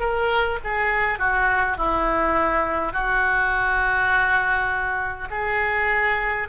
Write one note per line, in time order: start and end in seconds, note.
0.00 0.59 A#4
0.64 1.19 G#4
1.19 1.78 F#4
1.78 2.94 E4
2.94 5.29 F#4
5.31 6.49 G#4